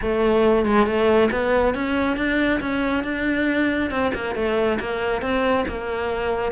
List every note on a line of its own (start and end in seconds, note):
0.01 0.65 A3
0.65 0.86 G#3
0.86 1.30 A3
1.31 1.74 B3
1.74 2.16 C#4
2.16 2.60 D4
2.60 3.03 C#4
3.03 3.90 D4
3.90 4.12 C4
4.14 4.35 A#3
4.35 4.78 A3
4.80 5.21 A#3
5.21 5.65 C4
5.68 6.52 A#3